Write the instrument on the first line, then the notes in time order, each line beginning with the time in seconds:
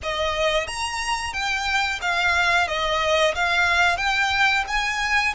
violin
0.02 D#5
0.67 A#5
1.33 G5
2.02 F5
2.67 D#5
3.34 F5
3.97 G5
4.67 G#5